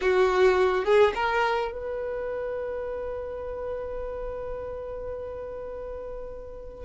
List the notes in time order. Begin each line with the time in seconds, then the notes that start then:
0.01 F#4
0.84 G#4
1.14 A#4
1.72 B4